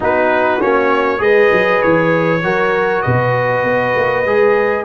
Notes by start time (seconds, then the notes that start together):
0.00 B3 D#4 F#4 B4
0.60 A#3 C#4 C#5
1.18 G#3 G#4 B4 D#5
1.52 F#3
1.82 E3 C#5
2.42 F#3 F#4 A#4
3.02 B2 B4 D#5
3.63 B3
3.95 A#3
4.24 G#3 G#4